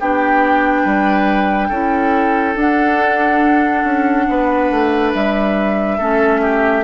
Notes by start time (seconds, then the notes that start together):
0.00 B3 D4 G4 G5
0.82 G3 B4
1.69 C#4 E4 A4
2.55 D4 F#5
3.84 C#4
4.29 B3 B4
4.71 A3
5.14 G3 E5
5.98 A3 C#4 A4
6.42 G4